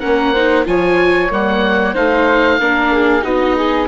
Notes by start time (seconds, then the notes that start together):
0.00 A#3 C#4 A#4 F#5
0.33 D#4 C5
0.65 F3 F4 C#5 G#5
1.30 G3 A#3 F#5
1.94 A3 D#4 C5 F5
2.60 A#3 D4 A#4
2.93 G#4
3.22 B3 D#4 F#4 D#5
3.56 G#4